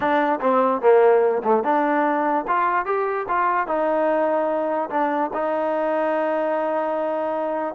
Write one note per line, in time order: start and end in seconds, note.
0.00 0.39 D4
0.40 0.81 C4
0.81 1.42 A#3
1.43 1.63 A3
1.63 2.45 D4
2.47 2.85 F4
2.85 3.26 G4
3.28 3.67 F4
3.67 4.89 D#4
4.89 5.30 D4
5.33 7.74 D#4